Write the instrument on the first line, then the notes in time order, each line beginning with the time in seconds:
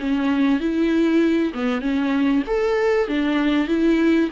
viola
0.00 C#4
0.61 E4
1.54 B3
1.82 C#4
2.47 A4
3.08 D4
3.68 E4